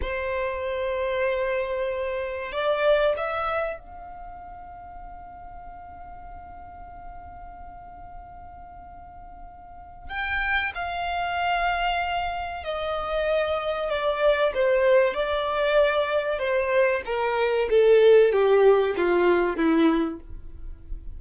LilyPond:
\new Staff \with { instrumentName = "violin" } { \time 4/4 \tempo 4 = 95 c''1 | d''4 e''4 f''2~ | f''1~ | f''1 |
g''4 f''2. | dis''2 d''4 c''4 | d''2 c''4 ais'4 | a'4 g'4 f'4 e'4 | }